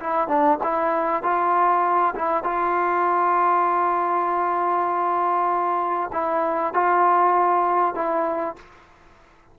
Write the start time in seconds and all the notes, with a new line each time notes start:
0.00 E4
0.28 D4
0.63 E4
1.23 F4
2.15 E4
2.44 F4
6.13 E4
6.74 F4
7.95 E4